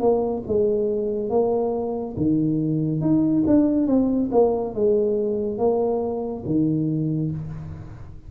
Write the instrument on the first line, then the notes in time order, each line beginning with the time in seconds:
tuba
0.00 A#3
0.47 G#3
1.30 A#3
2.17 D#3
3.01 D#4
3.47 D4
3.86 C4
4.32 A#3
4.75 G#3
5.58 A#3
6.46 D#3